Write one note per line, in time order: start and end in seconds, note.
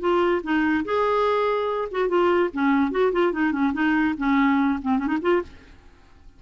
0.00 0.41 F4
0.43 0.84 D#4
0.85 1.88 G#4
1.91 2.08 F#4
2.08 2.50 F4
2.53 2.91 C#4
2.91 3.12 F#4
3.12 3.32 F4
3.32 3.52 D#4
3.52 3.73 C#4
3.73 4.15 D#4
4.17 4.79 C#4
4.82 4.98 C4
4.98 5.07 C#4
5.07 5.17 D#4
5.21 5.42 F4